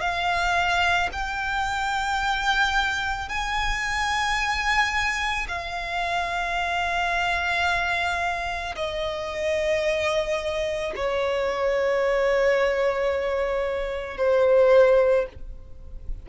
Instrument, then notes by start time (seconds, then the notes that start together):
violin
0.00 F5
1.12 G5
3.29 G#5
5.48 F5
8.75 D#5
10.95 C#5
14.17 C5